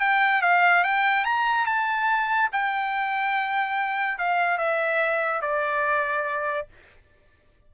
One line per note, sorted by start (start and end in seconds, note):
0.00 0.42 G5
0.42 0.84 F5
0.84 1.25 G5
1.25 1.66 A#5
1.66 2.50 A5
2.53 4.19 G5
4.19 4.58 F5
4.58 5.42 E5
5.42 6.68 D5